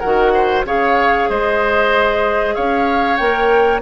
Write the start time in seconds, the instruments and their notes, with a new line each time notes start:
0.00 bassoon D#3, clarinet F#4, oboe A#4, flute F#5
0.35 oboe C5
0.64 bassoon C#3, clarinet G#4, oboe C#5, flute F5
1.30 bassoon G#3, oboe C5, flute D#5
2.55 bassoon C#4, oboe C#5, flute F5
3.17 bassoon A#3, clarinet A#4, flute G5